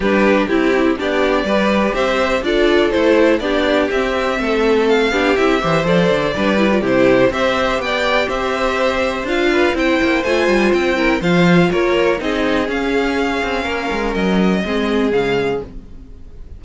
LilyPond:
<<
  \new Staff \with { instrumentName = "violin" } { \time 4/4 \tempo 4 = 123 b'4 g'4 d''2 | e''4 d''4 c''4 d''4 | e''2 f''4 e''4 | d''2 c''4 e''4 |
g''4 e''2 f''4 | g''4 gis''4 g''4 f''4 | cis''4 dis''4 f''2~ | f''4 dis''2 f''4 | }
  \new Staff \with { instrumentName = "violin" } { \time 4/4 g'4 e'4 g'4 b'4 | c''4 a'2 g'4~ | g'4 a'4. g'4 c''8~ | c''4 b'4 g'4 c''4 |
d''4 c''2~ c''8 b'8 | c''2~ c''8 ais'8 c''4 | ais'4 gis'2. | ais'2 gis'2 | }
  \new Staff \with { instrumentName = "viola" } { \time 4/4 d'4 e'4 d'4 g'4~ | g'4 f'4 e'4 d'4 | c'2~ c'8 d'8 e'8 g'8 | a'4 d'8 e'16 f'16 e'4 g'4~ |
g'2. f'4 | e'4 f'4. e'8 f'4~ | f'4 dis'4 cis'2~ | cis'2 c'4 gis4 | }
  \new Staff \with { instrumentName = "cello" } { \time 4/4 g4 c'4 b4 g4 | c'4 d'4 a4 b4 | c'4 a4. b8 c'8 e8 | f8 d8 g4 c4 c'4 |
b4 c'2 d'4 | c'8 ais8 a8 g8 c'4 f4 | ais4 c'4 cis'4. c'8 | ais8 gis8 fis4 gis4 cis4 | }
>>